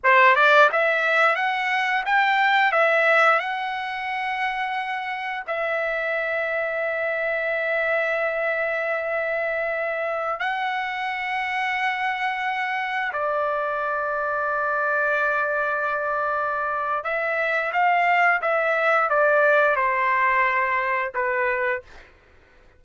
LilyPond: \new Staff \with { instrumentName = "trumpet" } { \time 4/4 \tempo 4 = 88 c''8 d''8 e''4 fis''4 g''4 | e''4 fis''2. | e''1~ | e''2.~ e''16 fis''8.~ |
fis''2.~ fis''16 d''8.~ | d''1~ | d''4 e''4 f''4 e''4 | d''4 c''2 b'4 | }